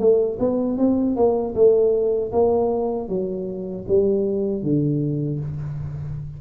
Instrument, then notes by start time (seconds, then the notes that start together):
tuba
0.00 A3
0.40 B3
0.78 C4
1.16 A#3
1.55 A3
2.33 A#3
3.09 F#3
3.88 G3
4.63 D3